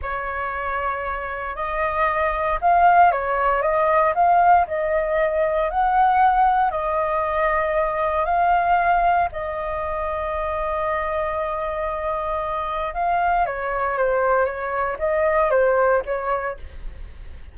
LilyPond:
\new Staff \with { instrumentName = "flute" } { \time 4/4 \tempo 4 = 116 cis''2. dis''4~ | dis''4 f''4 cis''4 dis''4 | f''4 dis''2 fis''4~ | fis''4 dis''2. |
f''2 dis''2~ | dis''1~ | dis''4 f''4 cis''4 c''4 | cis''4 dis''4 c''4 cis''4 | }